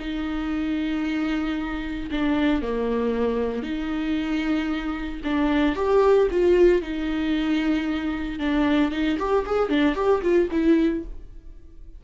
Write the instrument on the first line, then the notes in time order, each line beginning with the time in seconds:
viola
0.00 D#4
2.12 D4
2.62 A#3
3.63 D#4
5.24 D4
5.76 G4
6.31 F4
6.82 D#4
8.39 D4
8.92 D#4
9.19 G4
9.46 G#4
9.70 D4
9.96 G4
10.22 F4
10.52 E4